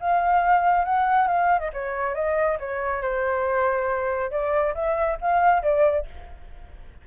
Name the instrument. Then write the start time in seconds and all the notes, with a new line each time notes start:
flute
0.00 F5
0.85 F#5
1.27 F5
1.59 D#5
1.73 C#5
2.15 D#5
2.59 C#5
3.02 C5
4.31 D5
4.75 E5
5.21 F5
5.62 D5